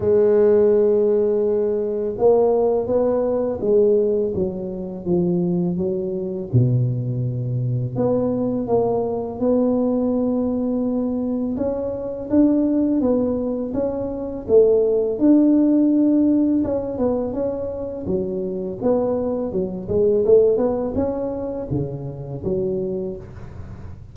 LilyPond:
\new Staff \with { instrumentName = "tuba" } { \time 4/4 \tempo 4 = 83 gis2. ais4 | b4 gis4 fis4 f4 | fis4 b,2 b4 | ais4 b2. |
cis'4 d'4 b4 cis'4 | a4 d'2 cis'8 b8 | cis'4 fis4 b4 fis8 gis8 | a8 b8 cis'4 cis4 fis4 | }